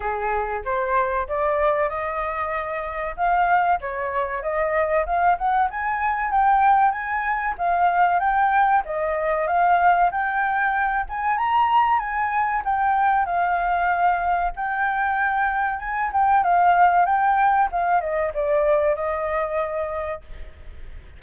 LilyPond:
\new Staff \with { instrumentName = "flute" } { \time 4/4 \tempo 4 = 95 gis'4 c''4 d''4 dis''4~ | dis''4 f''4 cis''4 dis''4 | f''8 fis''8 gis''4 g''4 gis''4 | f''4 g''4 dis''4 f''4 |
g''4. gis''8 ais''4 gis''4 | g''4 f''2 g''4~ | g''4 gis''8 g''8 f''4 g''4 | f''8 dis''8 d''4 dis''2 | }